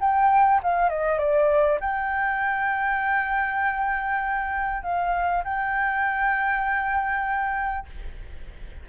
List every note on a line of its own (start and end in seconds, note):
0.00 0.61 G5
0.63 0.89 F5
0.89 1.18 D#5
1.18 1.79 D5
1.80 4.83 G5
4.83 5.43 F5
5.44 7.87 G5